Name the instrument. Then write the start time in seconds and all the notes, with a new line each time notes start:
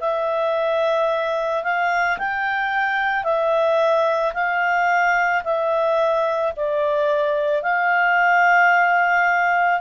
clarinet
0.00 E5
1.63 F5
2.18 G5
3.24 E5
4.34 F5
5.43 E5
6.56 D5
7.63 F5